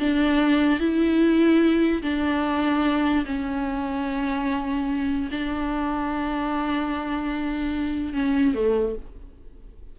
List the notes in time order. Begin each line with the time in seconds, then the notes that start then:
0.00 D4
0.80 E4
2.03 D4
3.26 C#4
5.31 D4
8.14 C#4
8.55 A3